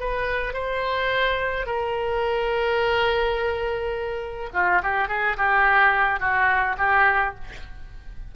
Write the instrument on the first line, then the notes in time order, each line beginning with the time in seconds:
oboe
0.00 B4
0.54 C5
1.66 A#4
4.53 F4
4.83 G4
5.08 G#4
5.37 G4
6.20 F#4
6.78 G4